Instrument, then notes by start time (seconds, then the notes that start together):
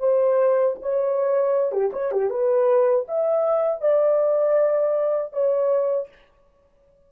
horn
0.00 C5
0.82 C#5
1.72 G4
1.93 C#5
2.12 G4
2.30 B4
3.08 E5
3.81 D5
5.33 C#5